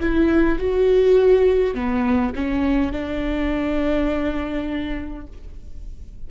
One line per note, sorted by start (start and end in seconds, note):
0.00 0.58 E4
0.58 1.74 F#4
1.74 2.33 B3
2.35 2.91 C#4
2.91 5.27 D4